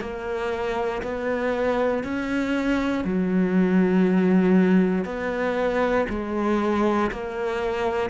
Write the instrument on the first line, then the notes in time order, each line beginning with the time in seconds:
cello
0.00 A#3
1.02 B3
2.03 C#4
3.04 F#3
5.04 B3
6.09 G#3
7.11 A#3